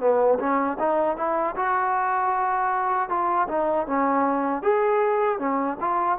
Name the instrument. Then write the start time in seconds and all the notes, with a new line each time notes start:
trombone
0.00 B3
0.40 C#4
0.79 D#4
1.17 E4
1.56 F#4
3.09 F4
3.49 D#4
3.87 C#4
4.63 G#4
5.39 C#4
5.80 F4